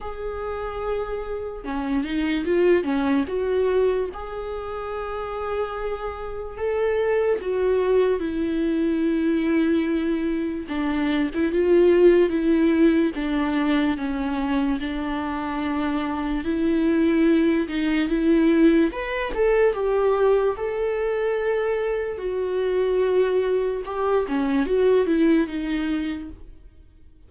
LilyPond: \new Staff \with { instrumentName = "viola" } { \time 4/4 \tempo 4 = 73 gis'2 cis'8 dis'8 f'8 cis'8 | fis'4 gis'2. | a'4 fis'4 e'2~ | e'4 d'8. e'16 f'4 e'4 |
d'4 cis'4 d'2 | e'4. dis'8 e'4 b'8 a'8 | g'4 a'2 fis'4~ | fis'4 g'8 cis'8 fis'8 e'8 dis'4 | }